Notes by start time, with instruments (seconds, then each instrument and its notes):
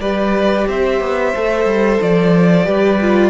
0.00 cello G3, viola G4, violin B4 D5
0.68 cello C4, violin C5 E5
1.01 cello B3
1.36 cello A3, viola A4
1.65 cello G3
2.02 cello F3, violin D5
2.65 cello G3, viola G4, violin B4
3.02 viola F4